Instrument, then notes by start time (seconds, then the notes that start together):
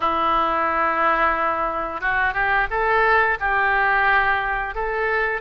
oboe
0.00 E4
2.00 F#4
2.33 G4
2.70 A4
3.40 G4
4.74 A4